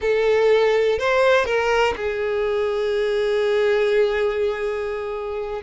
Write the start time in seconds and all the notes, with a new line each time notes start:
0.01 A4
0.98 C5
1.45 A#4
1.96 G#4